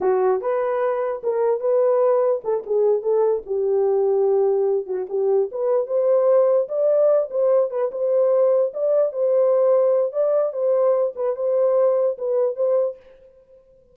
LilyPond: \new Staff \with { instrumentName = "horn" } { \time 4/4 \tempo 4 = 148 fis'4 b'2 ais'4 | b'2 a'8 gis'4 a'8~ | a'8 g'2.~ g'8 | fis'8 g'4 b'4 c''4.~ |
c''8 d''4. c''4 b'8 c''8~ | c''4. d''4 c''4.~ | c''4 d''4 c''4. b'8 | c''2 b'4 c''4 | }